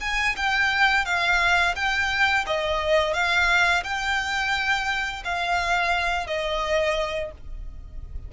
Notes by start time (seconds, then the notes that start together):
0.00 G#5
0.36 G5
1.05 F5
1.75 G5
2.46 D#5
3.13 F5
3.83 G5
5.24 F5
6.27 D#5